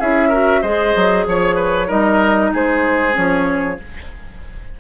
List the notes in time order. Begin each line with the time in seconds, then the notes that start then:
0.00 C#4 E4 G#4 E5
0.29 F#4 A#4
0.62 G#3 G#4 C5 D#5
0.96 F#3
1.27 F3 C#5
1.56 B4
1.88 G3 D#4 A#4 D#5
2.54 G#3 G#4 C5
3.12 F3 C#4 C#5